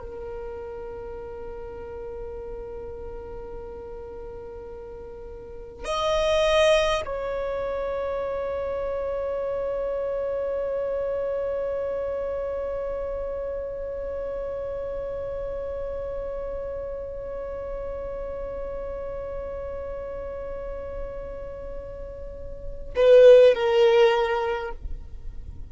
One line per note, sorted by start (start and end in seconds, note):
0.00 5.85 A#4
5.85 7.03 D#5
7.06 22.94 C#5
22.96 23.55 B4
23.55 24.72 A#4